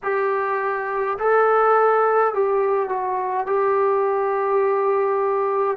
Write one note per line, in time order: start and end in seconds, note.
0.03 1.18 G4
1.19 2.34 A4
2.34 2.88 G4
2.88 3.46 F#4
3.46 5.77 G4